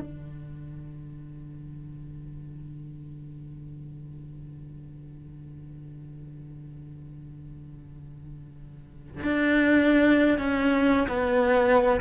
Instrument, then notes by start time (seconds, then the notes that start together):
cello
0.00 D3
9.23 D4
10.38 C#4
11.08 B3